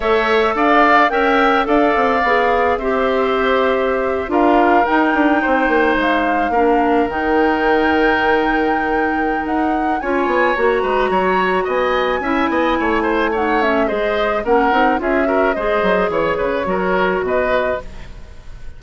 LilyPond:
<<
  \new Staff \with { instrumentName = "flute" } { \time 4/4 \tempo 4 = 108 e''4 f''4 g''4 f''4~ | f''4 e''2~ e''8. f''16~ | f''8. g''2 f''4~ f''16~ | f''8. g''2.~ g''16~ |
g''4 fis''4 gis''4 ais''4~ | ais''4 gis''2. | fis''8 e''8 dis''4 fis''4 e''4 | dis''4 cis''2 dis''4 | }
  \new Staff \with { instrumentName = "oboe" } { \time 4/4 cis''4 d''4 e''4 d''4~ | d''4 c''2~ c''8. ais'16~ | ais'4.~ ais'16 c''2 ais'16~ | ais'1~ |
ais'2 cis''4. b'8 | cis''4 dis''4 e''8 dis''8 cis''8 c''8 | cis''4 c''4 ais'4 gis'8 ais'8 | c''4 cis''8 b'8 ais'4 b'4 | }
  \new Staff \with { instrumentName = "clarinet" } { \time 4/4 a'2 ais'4 a'4 | gis'4 g'2~ g'8. f'16~ | f'8. dis'2. d'16~ | d'8. dis'2.~ dis'16~ |
dis'2 f'4 fis'4~ | fis'2 e'2 | dis'8 cis'8 gis'4 cis'8 dis'8 f'8 fis'8 | gis'2 fis'2 | }
  \new Staff \with { instrumentName = "bassoon" } { \time 4/4 a4 d'4 cis'4 d'8 c'8 | b4 c'2~ c'8. d'16~ | d'8. dis'8 d'8 c'8 ais8 gis4 ais16~ | ais8. dis2.~ dis16~ |
dis4 dis'4 cis'8 b8 ais8 gis8 | fis4 b4 cis'8 b8 a4~ | a4 gis4 ais8 c'8 cis'4 | gis8 fis8 e8 cis8 fis4 b,4 | }
>>